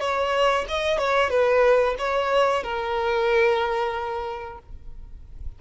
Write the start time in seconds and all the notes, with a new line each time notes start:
0.00 C#5
0.68 D#5
0.98 C#5
1.30 B4
1.99 C#5
2.63 A#4